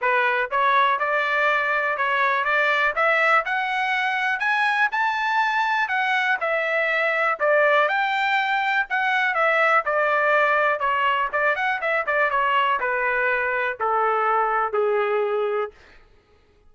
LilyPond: \new Staff \with { instrumentName = "trumpet" } { \time 4/4 \tempo 4 = 122 b'4 cis''4 d''2 | cis''4 d''4 e''4 fis''4~ | fis''4 gis''4 a''2 | fis''4 e''2 d''4 |
g''2 fis''4 e''4 | d''2 cis''4 d''8 fis''8 | e''8 d''8 cis''4 b'2 | a'2 gis'2 | }